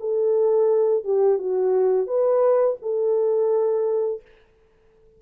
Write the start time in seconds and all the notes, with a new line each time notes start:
0.00 A4
1.04 G4
1.39 F#4
2.07 B4
2.82 A4